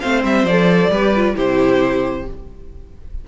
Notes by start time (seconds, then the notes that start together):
0.00 A3 C4 C5 F5
0.23 G3 E5
0.43 F3 D5
0.49 A4
0.90 G3 G4 B4
1.15 F4
1.35 C3 E4 G4 C5